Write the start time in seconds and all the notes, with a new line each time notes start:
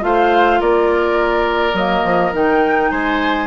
0.00 A3 F4 C5 F5
0.60 A#3 A#4 D5
1.74 F#3 A#3 D#5
2.03 F3
2.33 D#3 D#4 G5
2.91 G#3 C5 G#5